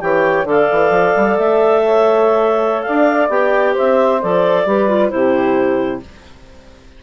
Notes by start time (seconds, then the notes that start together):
0.00 E3 G4 C#5 G5
0.44 D3 A4 D5 F5
0.71 E3
0.90 F3
1.16 G3
1.38 A3 E5
1.83 C#5
2.82 D5 F5
2.89 D4
3.29 B3 G4 G5
3.72 C5 E5
3.79 C4
4.21 F3 A4 D5
4.66 G3 G4 B4
4.89 F4
5.09 C3 E4 G4 C5